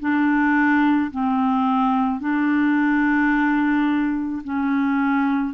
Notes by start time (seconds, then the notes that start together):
0.00 D4
1.11 C4
2.20 D4
4.44 C#4